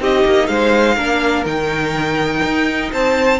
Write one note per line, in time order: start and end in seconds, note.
0.00 0.25 C4
0.00 0.97 D#4
0.00 0.49 G4
0.00 0.47 D#5
0.25 0.48 A#3
0.47 0.97 G#3
0.47 0.95 C5
0.47 1.44 F5
0.95 1.45 A#3
0.95 1.46 D4
0.95 2.90 A#4
1.45 2.43 D#3
1.45 3.40 D#4
1.45 2.92 G5
2.43 2.92 D#4
2.92 3.40 C4
2.92 3.40 C5
2.92 3.40 A5